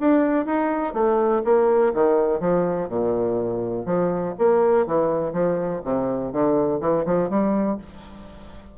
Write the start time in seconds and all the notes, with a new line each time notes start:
0.00 D4
0.45 D#4
0.94 A3
1.45 A#3
1.94 D#3
2.40 F3
2.89 A#2
3.86 F3
4.38 A#3
4.86 E3
5.33 F3
5.84 C3
6.32 D3
6.80 E3
7.06 F3
7.29 G3